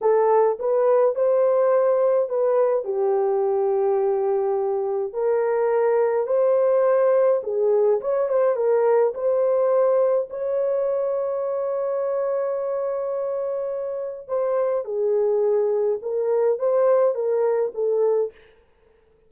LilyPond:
\new Staff \with { instrumentName = "horn" } { \time 4/4 \tempo 4 = 105 a'4 b'4 c''2 | b'4 g'2.~ | g'4 ais'2 c''4~ | c''4 gis'4 cis''8 c''8 ais'4 |
c''2 cis''2~ | cis''1~ | cis''4 c''4 gis'2 | ais'4 c''4 ais'4 a'4 | }